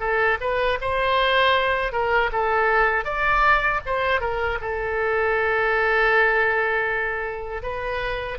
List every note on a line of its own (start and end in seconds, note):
0.00 0.38 A4
0.41 0.79 B4
0.81 1.93 C5
1.93 2.31 A#4
2.32 3.05 A4
3.05 3.81 D5
3.86 4.21 C5
4.21 4.59 A#4
4.61 7.63 A4
7.63 8.39 B4